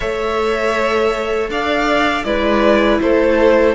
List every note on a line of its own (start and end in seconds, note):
0.00 1.49 A3
0.00 2.24 A4
0.00 1.49 C#5
0.00 1.49 E5
1.49 2.24 D4
1.49 2.25 D5
1.49 2.23 F5
2.23 2.99 G#3
2.23 3.74 E4
2.23 3.01 B4
2.23 2.98 D5
3.01 3.74 A3
3.01 3.74 A4
3.01 3.74 C5